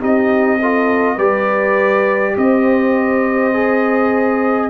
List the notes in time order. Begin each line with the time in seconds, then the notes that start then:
0.00 C4 D#4 G4 D#5
0.61 F4 A4
1.15 G3 G4 B4 D5
2.37 C4 C5 D#5
3.53 G#4